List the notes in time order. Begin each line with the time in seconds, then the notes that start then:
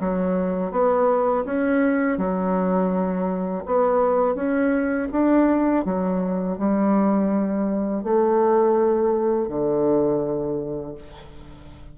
0.00 F#3
0.72 B3
1.45 C#4
2.18 F#3
3.66 B3
4.35 C#4
5.12 D4
5.85 F#3
6.58 G3
8.04 A3
9.49 D3